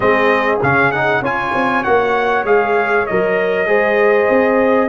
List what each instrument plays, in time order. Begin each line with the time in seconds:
0.00 tuba G#3, trombone C4, horn G#4, trumpet D#5
0.62 tuba C#3, trombone C#4, trumpet F5
0.91 trombone D#4, trumpet F#5
1.21 tuba C#4, trombone F4, horn C#5, trumpet G#5
1.54 tuba C4
1.83 tuba A#3, trombone F#4, trumpet F#5
2.44 tuba G#3, trombone G#4, trumpet F5
3.06 tuba F#3, trombone A#4, trumpet D#5
3.67 tuba G#3, trombone G#4, horn C5
4.29 tuba C4